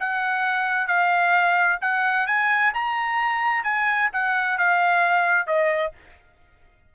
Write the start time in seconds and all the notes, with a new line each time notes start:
0.00 F#5
0.87 F5
1.81 F#5
2.27 G#5
2.74 A#5
3.64 G#5
4.13 F#5
4.58 F5
5.47 D#5